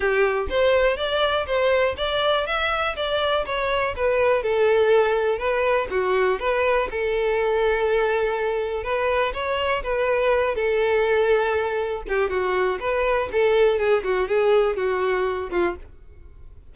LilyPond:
\new Staff \with { instrumentName = "violin" } { \time 4/4 \tempo 4 = 122 g'4 c''4 d''4 c''4 | d''4 e''4 d''4 cis''4 | b'4 a'2 b'4 | fis'4 b'4 a'2~ |
a'2 b'4 cis''4 | b'4. a'2~ a'8~ | a'8 g'8 fis'4 b'4 a'4 | gis'8 fis'8 gis'4 fis'4. f'8 | }